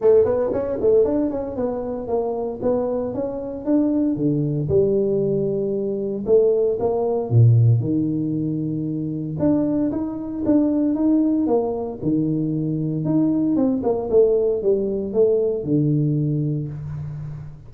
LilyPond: \new Staff \with { instrumentName = "tuba" } { \time 4/4 \tempo 4 = 115 a8 b8 cis'8 a8 d'8 cis'8 b4 | ais4 b4 cis'4 d'4 | d4 g2. | a4 ais4 ais,4 dis4~ |
dis2 d'4 dis'4 | d'4 dis'4 ais4 dis4~ | dis4 dis'4 c'8 ais8 a4 | g4 a4 d2 | }